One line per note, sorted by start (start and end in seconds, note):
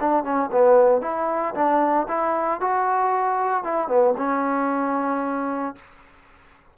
0.00 0.24 D4
0.24 0.50 C#4
0.52 1.01 B3
1.01 1.54 E4
1.55 2.07 D4
2.08 2.61 E4
2.61 3.64 F#4
3.64 3.88 E4
3.88 4.14 B3
4.17 5.75 C#4